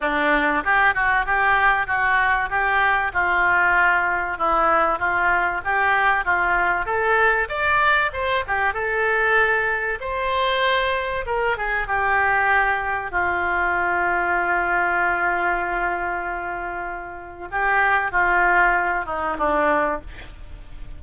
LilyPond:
\new Staff \with { instrumentName = "oboe" } { \time 4/4 \tempo 4 = 96 d'4 g'8 fis'8 g'4 fis'4 | g'4 f'2 e'4 | f'4 g'4 f'4 a'4 | d''4 c''8 g'8 a'2 |
c''2 ais'8 gis'8 g'4~ | g'4 f'2.~ | f'1 | g'4 f'4. dis'8 d'4 | }